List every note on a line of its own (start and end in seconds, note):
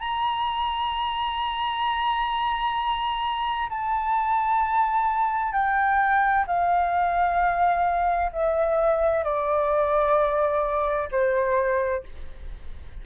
0.00 3.69 A#5
3.69 5.53 A5
5.53 6.45 G5
6.47 8.32 F5
8.32 9.24 E5
9.24 11.09 D5
11.11 12.04 C5